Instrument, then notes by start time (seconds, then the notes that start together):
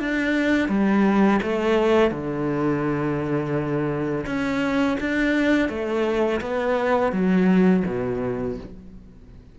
cello
0.00 D4
0.69 G3
1.43 A3
2.11 D3
4.27 C#4
5.01 D4
5.69 A3
6.41 B3
7.13 F#3
7.87 B2